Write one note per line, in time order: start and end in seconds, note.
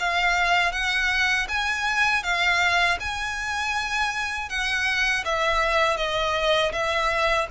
0.00 0.72 F5
0.72 1.47 F#5
1.49 2.23 G#5
2.23 2.98 F5
3.00 4.49 G#5
4.49 5.24 F#5
5.25 5.97 E5
5.97 6.72 D#5
6.73 7.48 E5